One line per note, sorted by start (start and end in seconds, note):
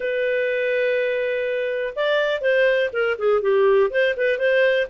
0.00 1.93 B4
1.95 2.41 D5
2.41 2.90 C5
2.92 3.17 A#4
3.18 3.41 G#4
3.41 3.90 G4
3.90 4.14 C5
4.17 4.38 B4
4.38 4.87 C5